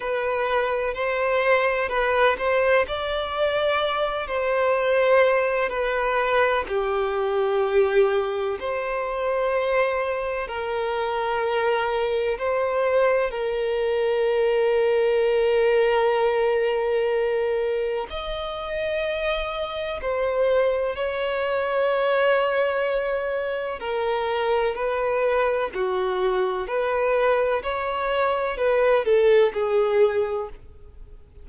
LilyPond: \new Staff \with { instrumentName = "violin" } { \time 4/4 \tempo 4 = 63 b'4 c''4 b'8 c''8 d''4~ | d''8 c''4. b'4 g'4~ | g'4 c''2 ais'4~ | ais'4 c''4 ais'2~ |
ais'2. dis''4~ | dis''4 c''4 cis''2~ | cis''4 ais'4 b'4 fis'4 | b'4 cis''4 b'8 a'8 gis'4 | }